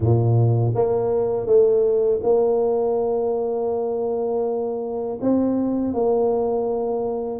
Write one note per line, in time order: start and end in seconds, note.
0.00 0.73 A#2
0.74 1.46 A#3
1.46 2.20 A3
2.22 5.19 A#3
5.21 5.93 C4
5.93 7.39 A#3